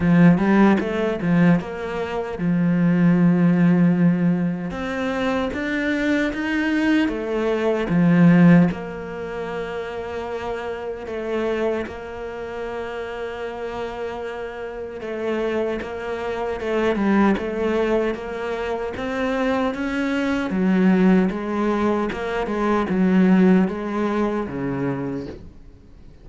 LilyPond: \new Staff \with { instrumentName = "cello" } { \time 4/4 \tempo 4 = 76 f8 g8 a8 f8 ais4 f4~ | f2 c'4 d'4 | dis'4 a4 f4 ais4~ | ais2 a4 ais4~ |
ais2. a4 | ais4 a8 g8 a4 ais4 | c'4 cis'4 fis4 gis4 | ais8 gis8 fis4 gis4 cis4 | }